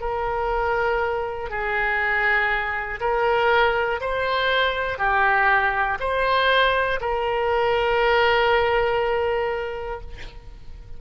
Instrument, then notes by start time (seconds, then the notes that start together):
oboe
0.00 A#4
1.50 G#4
3.00 A#4
4.01 C5
4.99 G4
6.00 C5
7.01 A#4